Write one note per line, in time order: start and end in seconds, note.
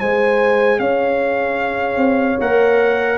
0.00 0.80 G#3
0.00 2.41 G#4
0.00 0.80 C5
0.00 0.80 G#5
0.80 1.97 C#4
0.80 3.19 C#5
0.80 2.40 F5
1.97 2.37 C4
2.40 3.19 A#3
2.40 3.19 A#4
2.40 3.19 F#5